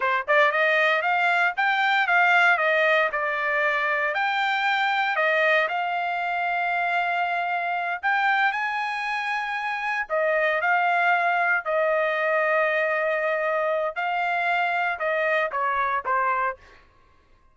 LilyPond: \new Staff \with { instrumentName = "trumpet" } { \time 4/4 \tempo 4 = 116 c''8 d''8 dis''4 f''4 g''4 | f''4 dis''4 d''2 | g''2 dis''4 f''4~ | f''2.~ f''8 g''8~ |
g''8 gis''2. dis''8~ | dis''8 f''2 dis''4.~ | dis''2. f''4~ | f''4 dis''4 cis''4 c''4 | }